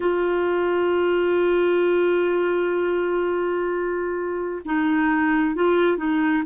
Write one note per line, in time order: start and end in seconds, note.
0.00 4.62 F4
4.64 5.55 D#4
5.55 5.97 F4
5.97 6.43 D#4